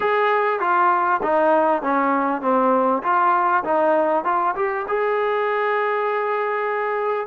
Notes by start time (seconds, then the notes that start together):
0.00 G#4
0.60 F4
1.23 D#4
1.82 C#4
2.41 C4
3.02 F4
3.64 D#4
4.24 F4
4.55 G4
4.88 G#4